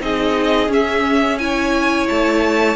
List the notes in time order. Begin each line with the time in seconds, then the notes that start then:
0.00 C4 D#4 G#4 D#5
0.68 C#4 E5
1.38 E4 C#5 G#5
2.08 A3 A5